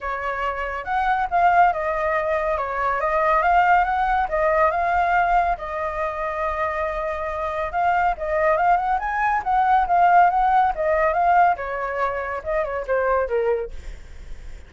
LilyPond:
\new Staff \with { instrumentName = "flute" } { \time 4/4 \tempo 4 = 140 cis''2 fis''4 f''4 | dis''2 cis''4 dis''4 | f''4 fis''4 dis''4 f''4~ | f''4 dis''2.~ |
dis''2 f''4 dis''4 | f''8 fis''8 gis''4 fis''4 f''4 | fis''4 dis''4 f''4 cis''4~ | cis''4 dis''8 cis''8 c''4 ais'4 | }